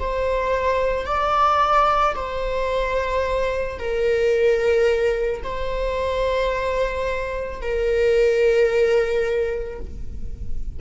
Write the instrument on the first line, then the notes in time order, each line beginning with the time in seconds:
viola
0.00 C5
1.06 D5
2.16 C5
3.79 A#4
5.44 C5
7.62 A#4